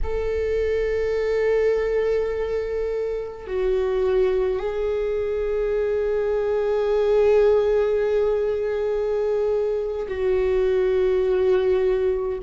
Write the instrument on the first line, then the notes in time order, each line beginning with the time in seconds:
viola
0.03 A4
3.47 F#4
4.59 G#4
10.08 F#4